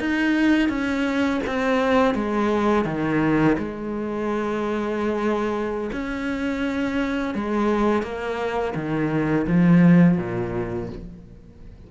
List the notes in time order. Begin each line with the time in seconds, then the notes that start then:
0.00 D#4
0.69 C#4
1.47 C4
2.15 G#3
2.85 D#3
3.58 G#3
5.93 C#4
7.35 G#3
8.03 A#3
8.75 D#3
9.47 F3
10.18 A#2